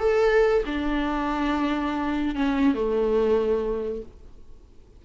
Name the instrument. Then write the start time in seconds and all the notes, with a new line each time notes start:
viola
0.00 A4
0.66 D4
2.36 C#4
2.75 A3